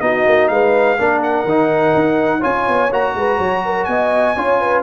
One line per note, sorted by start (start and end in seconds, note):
0.00 0.25 B3
0.00 0.97 D#4
0.00 0.51 F#4
0.00 0.48 D#5
0.26 0.49 A#3
0.48 0.98 G#3
0.48 0.98 B4
0.48 1.20 F5
0.98 1.44 A#3
0.98 1.46 D4
0.98 2.39 A#4
1.22 2.43 F#5
1.44 1.92 D#3
1.44 2.40 D#4
1.94 2.43 D#4
2.39 2.68 C#4
2.39 2.89 F4
2.39 3.12 C#5
2.39 2.92 G#5
2.68 2.92 B3
2.91 3.15 A#3
2.91 4.36 F#4
2.91 3.84 A#5
3.15 3.39 G#3
3.15 3.37 B4
3.37 3.87 F#3
3.37 3.61 C#5
3.64 3.89 A#4
3.84 4.35 B3
3.84 4.36 D#5
3.84 4.81 G#5
4.36 4.83 C#4
4.36 4.83 F4
4.36 4.60 C#5
4.60 4.83 B4